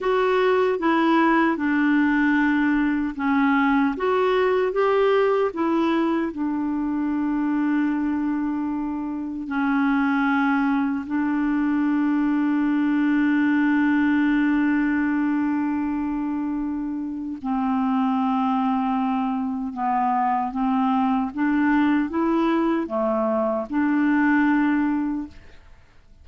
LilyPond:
\new Staff \with { instrumentName = "clarinet" } { \time 4/4 \tempo 4 = 76 fis'4 e'4 d'2 | cis'4 fis'4 g'4 e'4 | d'1 | cis'2 d'2~ |
d'1~ | d'2 c'2~ | c'4 b4 c'4 d'4 | e'4 a4 d'2 | }